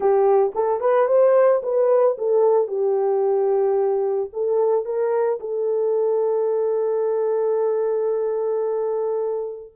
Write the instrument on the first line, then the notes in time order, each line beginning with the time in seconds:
horn
0.00 G4
0.55 A4
0.80 B4
1.07 C5
1.62 B4
2.17 A4
2.67 G4
4.32 A4
4.85 A#4
5.40 A4